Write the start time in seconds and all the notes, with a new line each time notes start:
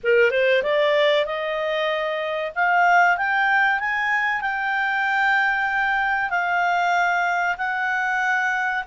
0.03 A#4
0.30 C5
0.62 D5
1.25 D#5
2.55 F5
3.17 G5
3.79 G#5
4.41 G5
6.30 F5
7.57 F#5